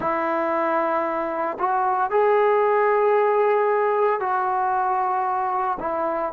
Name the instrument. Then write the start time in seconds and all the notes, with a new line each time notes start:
trombone
0.00 E4
1.59 F#4
2.10 G#4
4.20 F#4
5.79 E4